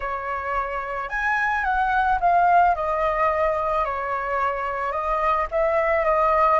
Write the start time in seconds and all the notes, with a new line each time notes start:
0.00 C#5
1.09 G#5
1.63 F#5
2.20 F5
2.75 D#5
3.84 C#5
4.91 D#5
5.51 E5
6.05 D#5